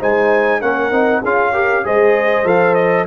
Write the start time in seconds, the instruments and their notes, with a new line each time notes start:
0.00 tuba G#3, trombone D#4, horn C5, trumpet G#5
0.61 tuba A#3, trombone C#4, horn A#4, trumpet F#5
0.91 tuba C4, trombone D#4
1.22 tuba C#4, trombone F4, horn G#4, trumpet F5
1.53 trombone G4, horn A#4
1.84 tuba G#3, trombone G#4, horn C5, trumpet D#5
2.44 tuba F3, trombone A4, trumpet F5
2.74 trumpet D#5